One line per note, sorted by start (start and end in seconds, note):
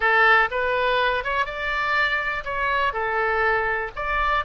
0.00 0.49 A4
0.51 1.24 B4
1.24 1.45 C#5
1.45 2.43 D5
2.44 2.93 C#5
2.93 3.91 A4
3.95 4.44 D5